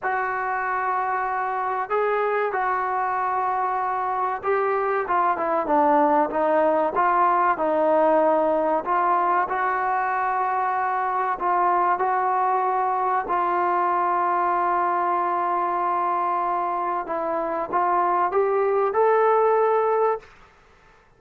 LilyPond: \new Staff \with { instrumentName = "trombone" } { \time 4/4 \tempo 4 = 95 fis'2. gis'4 | fis'2. g'4 | f'8 e'8 d'4 dis'4 f'4 | dis'2 f'4 fis'4~ |
fis'2 f'4 fis'4~ | fis'4 f'2.~ | f'2. e'4 | f'4 g'4 a'2 | }